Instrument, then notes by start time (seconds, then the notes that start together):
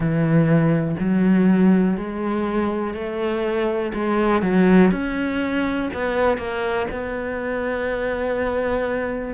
cello
0.00 E3
0.99 F#3
1.97 G#3
2.93 A3
3.93 G#3
4.42 F#3
4.91 C#4
5.93 B3
6.37 A#3
6.91 B3